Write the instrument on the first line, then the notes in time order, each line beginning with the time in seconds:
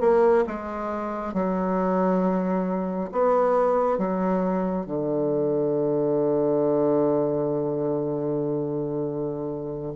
bassoon
0.00 A#3
0.47 G#3
1.33 F#3
3.12 B3
3.98 F#3
4.86 D3